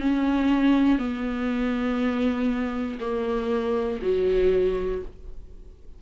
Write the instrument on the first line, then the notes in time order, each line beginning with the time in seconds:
viola
0.00 C#4
0.99 B3
3.00 A#3
4.02 F#3